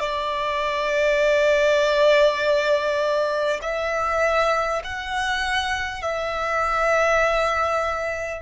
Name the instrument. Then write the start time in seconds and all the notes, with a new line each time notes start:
violin
0.00 D5
3.62 E5
4.84 F#5
6.02 E5